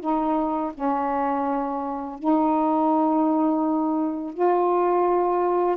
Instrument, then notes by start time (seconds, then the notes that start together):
saxophone
0.00 D#4
0.74 C#4
2.19 D#4
4.34 F4